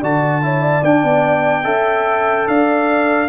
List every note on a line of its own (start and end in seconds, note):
0.00 0.83 D3
0.00 0.41 F#4
0.00 0.41 D5
0.00 0.84 A5
0.41 0.83 E4
0.41 0.61 C#5
0.61 1.64 D5
0.83 1.03 D4
0.83 1.64 D4
0.83 2.48 G5
1.03 1.64 B3
1.64 2.47 C#4
1.64 3.28 A4
1.64 2.46 E5
2.47 3.29 D4
2.47 3.29 D5
2.47 3.29 F5